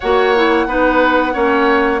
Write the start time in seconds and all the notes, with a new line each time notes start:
0.00 A#3 F#4 C#5 F#5
0.35 E4
0.67 B3 D#4 B4
1.33 A#3 C#4 C#5